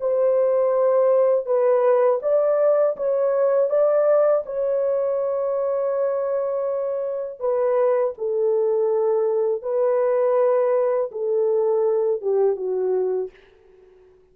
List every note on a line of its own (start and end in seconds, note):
0.00 1.45 C5
1.45 2.20 B4
2.22 2.96 D5
2.96 3.70 C#5
3.70 4.44 D5
4.46 7.40 C#5
7.40 8.14 B4
8.18 9.62 A4
9.62 11.10 B4
11.11 12.21 A4
12.21 12.56 G4
12.56 13.30 F#4